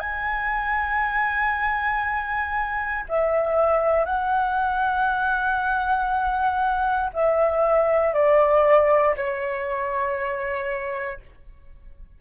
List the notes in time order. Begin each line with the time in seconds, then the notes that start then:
0.00 G#5
3.09 E5
4.06 F#5
7.14 E5
8.14 D5
9.17 C#5